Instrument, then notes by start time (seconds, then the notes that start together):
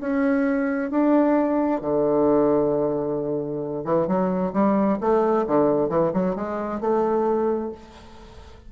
bassoon
0.00 C#4
0.90 D4
1.81 D3
3.84 E3
4.07 F#3
4.53 G3
5.00 A3
5.47 D3
5.89 E3
6.13 F#3
6.35 G#3
6.81 A3